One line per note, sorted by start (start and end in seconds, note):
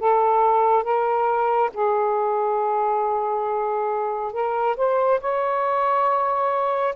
0.00 0.84 A4
0.84 1.71 A#4
1.74 4.33 G#4
4.33 4.77 A#4
4.77 5.21 C5
5.21 6.95 C#5